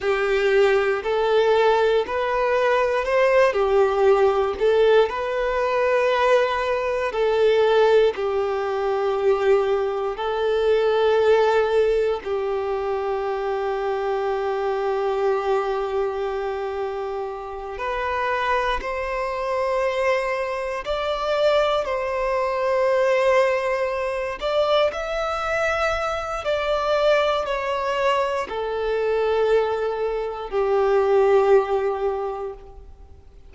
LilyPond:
\new Staff \with { instrumentName = "violin" } { \time 4/4 \tempo 4 = 59 g'4 a'4 b'4 c''8 g'8~ | g'8 a'8 b'2 a'4 | g'2 a'2 | g'1~ |
g'4. b'4 c''4.~ | c''8 d''4 c''2~ c''8 | d''8 e''4. d''4 cis''4 | a'2 g'2 | }